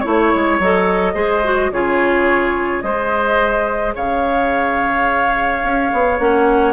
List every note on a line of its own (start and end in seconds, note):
0.00 0.34 A3
0.00 0.60 E4
0.00 1.12 C#5
0.00 0.57 C#5
0.34 0.59 G#3
0.59 1.15 F#3
0.59 1.14 A4
0.59 1.73 D#5
1.14 1.71 G#3
1.14 1.42 G#4
1.14 1.71 C5
1.44 1.72 F#4
1.71 2.83 C#3
1.71 2.83 F4
1.71 2.84 G#4
1.71 2.82 C#5
2.82 3.95 G#3
2.82 6.20 G#4
2.82 3.95 C5
2.82 3.94 D#5
3.95 5.63 C#3
3.95 6.73 C#5
3.95 6.20 F5
5.63 5.91 C#4
5.93 6.19 B3
6.19 6.73 A#3
6.19 6.73 C#4
6.19 6.73 F#5